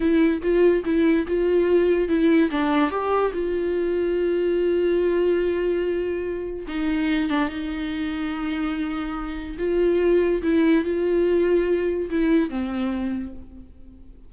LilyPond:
\new Staff \with { instrumentName = "viola" } { \time 4/4 \tempo 4 = 144 e'4 f'4 e'4 f'4~ | f'4 e'4 d'4 g'4 | f'1~ | f'1 |
dis'4. d'8 dis'2~ | dis'2. f'4~ | f'4 e'4 f'2~ | f'4 e'4 c'2 | }